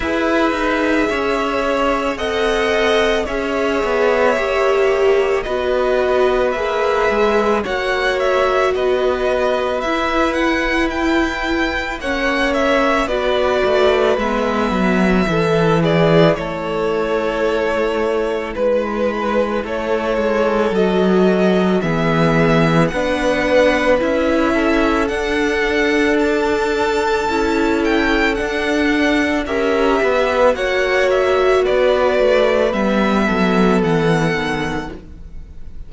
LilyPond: <<
  \new Staff \with { instrumentName = "violin" } { \time 4/4 \tempo 4 = 55 e''2 fis''4 e''4~ | e''4 dis''4 e''4 fis''8 e''8 | dis''4 e''8 fis''8 g''4 fis''8 e''8 | d''4 e''4. d''8 cis''4~ |
cis''4 b'4 cis''4 dis''4 | e''4 fis''4 e''4 fis''4 | a''4. g''8 fis''4 e''4 | fis''8 e''8 d''4 e''4 fis''4 | }
  \new Staff \with { instrumentName = "violin" } { \time 4/4 b'4 cis''4 dis''4 cis''4~ | cis''4 b'2 cis''4 | b'2. cis''4 | b'2 a'8 gis'8 a'4~ |
a'4 b'4 a'2 | gis'4 b'4. a'4.~ | a'2. ais'8 b'8 | cis''4 b'4. a'4. | }
  \new Staff \with { instrumentName = "viola" } { \time 4/4 gis'2 a'4 gis'4 | g'4 fis'4 gis'4 fis'4~ | fis'4 e'2 cis'4 | fis'4 b4 e'2~ |
e'2. fis'4 | b4 d'4 e'4 d'4~ | d'4 e'4 d'4 g'4 | fis'2 b2 | }
  \new Staff \with { instrumentName = "cello" } { \time 4/4 e'8 dis'8 cis'4 c'4 cis'8 b8 | ais4 b4 ais8 gis8 ais4 | b4 e'2 ais4 | b8 a8 gis8 fis8 e4 a4~ |
a4 gis4 a8 gis8 fis4 | e4 b4 cis'4 d'4~ | d'4 cis'4 d'4 cis'8 b8 | ais4 b8 a8 g8 fis8 e8 dis8 | }
>>